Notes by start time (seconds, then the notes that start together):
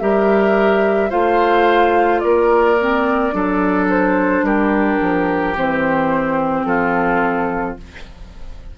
0.00 G3 G4 A#4 E5
1.10 A3 F4 C5 F5
2.19 A#3 A#4 D5
2.80 C4
3.32 F#3 D4 A4
3.90 C5
4.42 G3 G4 A#4
5.01 F3
5.56 E3 C4 C5
6.65 F3 F4 A4